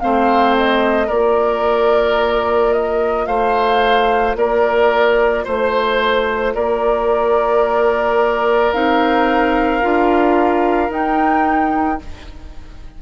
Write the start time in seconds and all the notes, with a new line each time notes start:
0.00 A3 C4 C5 F5
0.56 D#5
1.07 A#3 F4 A#4 D5
2.73 D#5
3.26 A3 C5 F5
4.35 A#3 A#4 D5
5.44 A3 C5
6.55 A#3 A#4 D5
8.73 C4 D#4 F5
9.81 D4 F4
10.90 D#4 G5